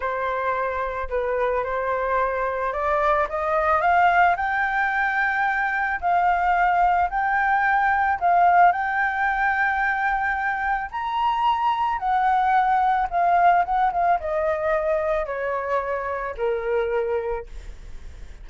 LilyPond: \new Staff \with { instrumentName = "flute" } { \time 4/4 \tempo 4 = 110 c''2 b'4 c''4~ | c''4 d''4 dis''4 f''4 | g''2. f''4~ | f''4 g''2 f''4 |
g''1 | ais''2 fis''2 | f''4 fis''8 f''8 dis''2 | cis''2 ais'2 | }